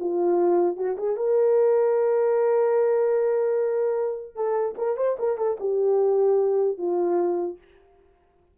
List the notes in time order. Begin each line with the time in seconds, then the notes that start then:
0.00 F4
0.77 F#4
0.98 G#4
1.17 A#4
4.36 A4
4.78 A#4
4.97 C5
5.19 A#4
5.38 A4
5.60 G4
6.78 F4